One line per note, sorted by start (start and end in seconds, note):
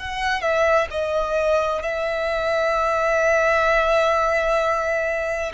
0.00 0.42 F#5
0.42 0.88 E5
0.91 1.83 D#5
1.83 5.53 E5